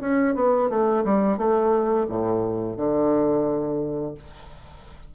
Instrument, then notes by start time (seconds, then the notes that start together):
bassoon
0.00 C#4
0.35 B3
0.70 A3
1.04 G3
1.37 A3
2.09 A2
2.76 D3